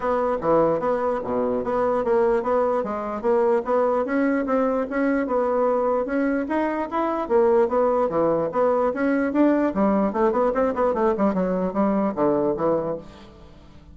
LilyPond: \new Staff \with { instrumentName = "bassoon" } { \time 4/4 \tempo 4 = 148 b4 e4 b4 b,4 | b4 ais4 b4 gis4 | ais4 b4 cis'4 c'4 | cis'4 b2 cis'4 |
dis'4 e'4 ais4 b4 | e4 b4 cis'4 d'4 | g4 a8 b8 c'8 b8 a8 g8 | fis4 g4 d4 e4 | }